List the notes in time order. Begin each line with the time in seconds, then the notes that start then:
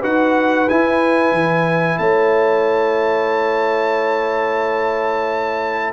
0.00 D#4 F#4 B4 F#5
0.69 E4 G#5
1.32 E3
1.98 A3 C#5 A5